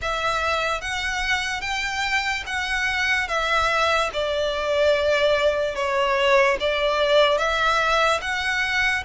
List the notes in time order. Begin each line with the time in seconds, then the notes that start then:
0.01 E5
0.81 F#5
1.61 G5
2.46 F#5
3.28 E5
4.13 D5
5.75 C#5
6.59 D5
7.37 E5
8.21 F#5